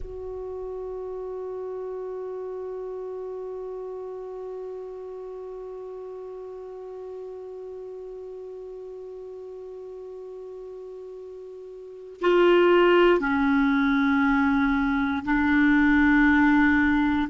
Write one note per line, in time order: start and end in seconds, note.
0.00 12.20 F#4
12.21 13.20 F4
13.20 15.23 C#4
15.24 17.28 D4